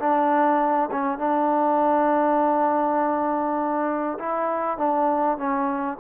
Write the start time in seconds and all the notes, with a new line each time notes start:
0.00 D4
0.92 C#4
1.19 D4
4.19 E4
4.78 D4
5.38 C#4